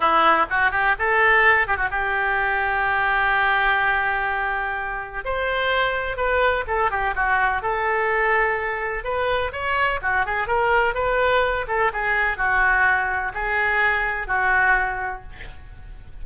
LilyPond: \new Staff \with { instrumentName = "oboe" } { \time 4/4 \tempo 4 = 126 e'4 fis'8 g'8 a'4. g'16 fis'16 | g'1~ | g'2. c''4~ | c''4 b'4 a'8 g'8 fis'4 |
a'2. b'4 | cis''4 fis'8 gis'8 ais'4 b'4~ | b'8 a'8 gis'4 fis'2 | gis'2 fis'2 | }